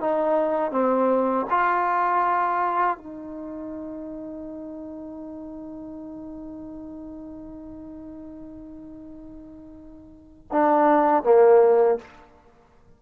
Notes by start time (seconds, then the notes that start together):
0.00 D#4
0.71 C4
1.50 F4
2.97 D#4
10.52 D4
11.23 A#3